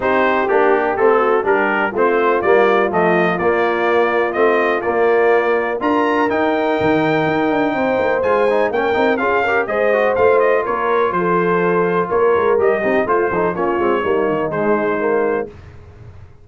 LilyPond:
<<
  \new Staff \with { instrumentName = "trumpet" } { \time 4/4 \tempo 4 = 124 c''4 g'4 a'4 ais'4 | c''4 d''4 dis''4 d''4~ | d''4 dis''4 d''2 | ais''4 g''2.~ |
g''4 gis''4 g''4 f''4 | dis''4 f''8 dis''8 cis''4 c''4~ | c''4 cis''4 dis''4 c''4 | cis''2 c''2 | }
  \new Staff \with { instrumentName = "horn" } { \time 4/4 g'2~ g'8 fis'8 g'4 | f'1~ | f'1 | ais'1 |
c''2 ais'4 gis'8 ais'8 | c''2 ais'4 a'4~ | a'4 ais'4. g'8 f'8 a'8 | f'4 dis'2. | }
  \new Staff \with { instrumentName = "trombone" } { \time 4/4 dis'4 d'4 c'4 d'4 | c'4 ais4 a4 ais4~ | ais4 c'4 ais2 | f'4 dis'2.~ |
dis'4 f'8 dis'8 cis'8 dis'8 f'8 g'8 | gis'8 fis'8 f'2.~ | f'2 g'8 dis'8 f'8 dis'8 | cis'8 c'8 ais4 gis4 ais4 | }
  \new Staff \with { instrumentName = "tuba" } { \time 4/4 c'4 ais4 a4 g4 | a4 g4 f4 ais4~ | ais4 a4 ais2 | d'4 dis'4 dis4 dis'8 d'8 |
c'8 ais8 gis4 ais8 c'8 cis'4 | gis4 a4 ais4 f4~ | f4 ais8 gis8 g8 c'8 a8 f8 | ais8 gis8 g8 dis8 gis2 | }
>>